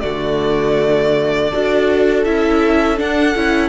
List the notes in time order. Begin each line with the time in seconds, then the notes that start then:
0.00 D3 A3 F#4 D5
1.50 D4 F#4 A4
2.24 C#4 E4 E5
2.96 D4 F#5
3.35 C#4 E4